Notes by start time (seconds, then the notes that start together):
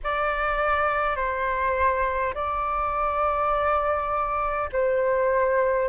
0.03 D5
1.16 C5
2.34 D5
4.72 C5